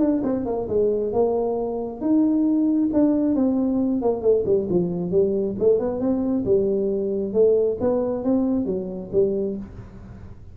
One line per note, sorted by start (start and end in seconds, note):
0.00 0.22 D4
0.24 0.46 C4
0.46 0.68 A#3
0.69 1.13 G#3
1.13 2.01 A#3
2.01 2.90 D#4
2.94 3.36 D4
3.36 4.02 C4
4.02 4.22 A#3
4.22 4.44 A3
4.46 4.68 G3
4.70 5.12 F3
5.12 5.56 G3
5.60 5.79 A3
5.79 6.00 B3
6.00 6.45 C4
6.45 7.33 G3
7.33 7.78 A3
7.81 8.24 B3
8.24 8.66 C4
8.66 9.11 F#3
9.13 9.57 G3